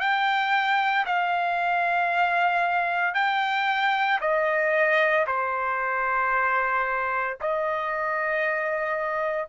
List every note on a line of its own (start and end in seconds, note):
0.00 1.05 G5
1.06 3.14 F5
3.14 4.20 G5
4.21 5.26 D#5
5.27 7.38 C5
7.41 9.49 D#5